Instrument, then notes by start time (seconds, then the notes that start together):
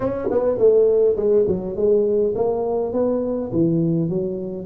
tuba
0.00 C#4
0.30 B3
0.57 A3
1.16 G#3
1.47 F#3
1.76 G#3
2.35 A#3
2.93 B3
3.52 E3
4.09 F#3